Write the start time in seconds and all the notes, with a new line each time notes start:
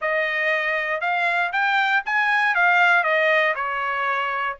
0.01 D#5
1.01 F5
1.52 G5
2.05 G#5
2.54 F5
3.03 D#5
3.55 C#5